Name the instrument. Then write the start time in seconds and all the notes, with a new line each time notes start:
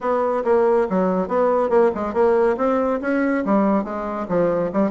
bassoon
0.00 B3
0.44 A#3
0.89 F#3
1.28 B3
1.69 A#3
1.94 G#3
2.13 A#3
2.57 C4
3.01 C#4
3.45 G3
3.84 G#3
4.28 F3
4.72 G3